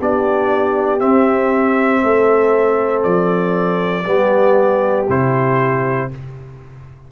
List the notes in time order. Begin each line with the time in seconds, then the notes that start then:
0.00 B3 D4 G4 D5
0.99 C4 E5
2.03 A3 A4
3.03 F3 D5
4.06 G3 B3 G4
5.09 C3 E4 C5